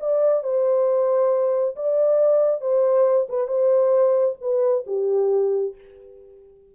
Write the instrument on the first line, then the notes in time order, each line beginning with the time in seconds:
horn
0.00 D5
0.44 C5
1.76 D5
2.61 C5
3.29 B4
3.48 C5
4.41 B4
4.87 G4